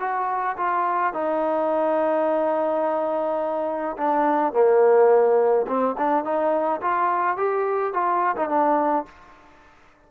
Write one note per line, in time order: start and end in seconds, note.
0.00 0.57 F#4
0.57 1.14 F4
1.14 3.97 D#4
3.98 4.53 D4
4.53 5.67 A#3
5.67 5.96 C4
5.98 6.24 D4
6.24 6.81 D#4
6.82 7.37 F4
7.37 7.94 G4
7.94 8.36 F4
8.36 8.49 D#4
8.49 9.06 D4